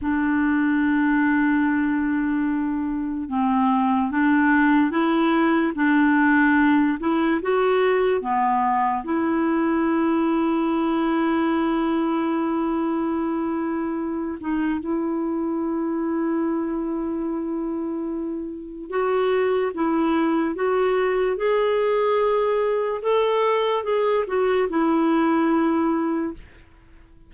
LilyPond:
\new Staff \with { instrumentName = "clarinet" } { \time 4/4 \tempo 4 = 73 d'1 | c'4 d'4 e'4 d'4~ | d'8 e'8 fis'4 b4 e'4~ | e'1~ |
e'4. dis'8 e'2~ | e'2. fis'4 | e'4 fis'4 gis'2 | a'4 gis'8 fis'8 e'2 | }